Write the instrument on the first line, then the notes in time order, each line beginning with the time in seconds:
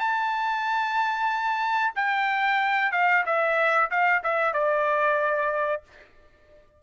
trumpet
0.00 A5
1.96 G5
2.92 F5
3.26 E5
3.91 F5
4.24 E5
4.54 D5